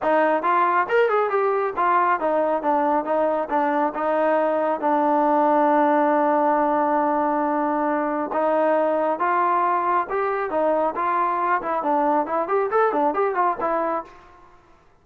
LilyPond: \new Staff \with { instrumentName = "trombone" } { \time 4/4 \tempo 4 = 137 dis'4 f'4 ais'8 gis'8 g'4 | f'4 dis'4 d'4 dis'4 | d'4 dis'2 d'4~ | d'1~ |
d'2. dis'4~ | dis'4 f'2 g'4 | dis'4 f'4. e'8 d'4 | e'8 g'8 a'8 d'8 g'8 f'8 e'4 | }